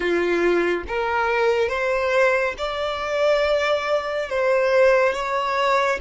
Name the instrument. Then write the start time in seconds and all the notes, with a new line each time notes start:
violin
0.00 F4
0.88 A#4
1.68 C5
2.58 D5
4.29 C5
5.13 C#5